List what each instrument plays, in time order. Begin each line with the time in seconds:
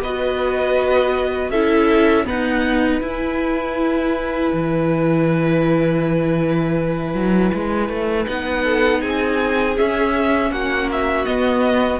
0.00 cello B3, viola F#4, violin B4 D#5
1.50 cello C#4, viola E4, violin A4 E5
2.25 viola B3, cello D#4, violin B4 F#5
3.01 cello E4, viola E4, violin G#5
4.53 cello E3
7.14 cello F#3
7.53 cello G#3
7.89 cello A3
8.25 cello B3, viola D#4, violin F#5
8.63 violin A4
9.00 cello C4, violin G#4 G#5
9.76 viola C#4, cello C#4, violin E5
10.50 cello A#3, violin F#4 F#5
10.91 violin E5
11.25 viola B3, cello B3, violin D#5